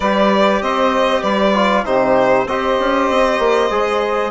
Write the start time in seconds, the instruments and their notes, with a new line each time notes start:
0.00 bassoon G3, trombone G4, saxophone B4, violin D5
0.61 bassoon C4, saxophone C5, violin D#5
1.22 bassoon G3, saxophone B4, violin D5
1.54 trombone F4
1.85 bassoon C3, trombone D#4, saxophone G4, violin C5
2.45 bassoon C4, trombone G4, saxophone C5, violin D#5
2.79 bassoon C#4
3.10 bassoon C4
3.38 bassoon A#3
3.70 bassoon G#3, trombone G#4